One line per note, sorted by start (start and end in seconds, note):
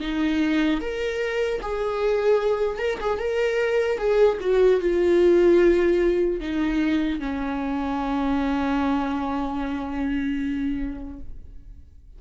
0.00 0.80 D#4
0.80 1.60 A#4
1.61 2.78 G#4
2.78 2.98 A#4
3.00 3.19 G#4
3.19 3.97 A#4
3.97 4.37 G#4
4.40 4.80 F#4
4.80 6.40 F4
6.40 7.19 D#4
7.19 11.19 C#4